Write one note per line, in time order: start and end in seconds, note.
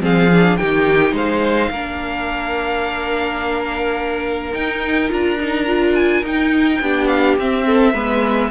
0.00 0.57 F3
0.00 0.28 C4
0.00 0.59 G#4
0.00 0.57 F5
0.32 0.59 D4
0.57 1.12 D#3
0.57 1.73 D#4
0.57 1.14 G4
0.57 1.13 G5
1.12 1.69 G#3
1.12 1.70 C5
1.12 4.53 F5
1.69 4.52 A#3
1.69 4.52 D4
1.69 6.81 A#4
4.52 5.09 D#4
4.52 5.10 D#4
4.52 5.10 G5
5.09 6.22 D4
5.09 5.37 F4
5.09 5.95 A#5
5.40 5.66 D#4
5.66 6.23 F4
5.95 6.23 G#5
6.22 6.79 D#4
6.22 6.82 D#4
6.22 7.07 G5
6.81 7.37 B3
6.81 7.39 D4
6.81 7.66 G4
7.07 7.35 F5
7.38 7.93 C4
7.38 7.94 C4
7.38 8.50 E5
7.66 7.93 A4
7.93 8.50 G#3
7.93 8.50 B3
7.93 8.50 B4